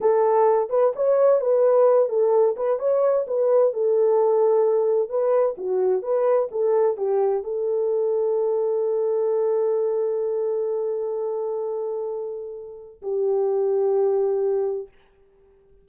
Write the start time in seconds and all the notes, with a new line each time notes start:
0.01 A4
0.69 B4
0.95 C#5
1.41 B4
2.08 A4
2.56 B4
2.79 C#5
3.27 B4
3.73 A4
5.09 B4
5.57 F#4
6.02 B4
6.51 A4
6.97 G4
7.43 A4
13.01 G4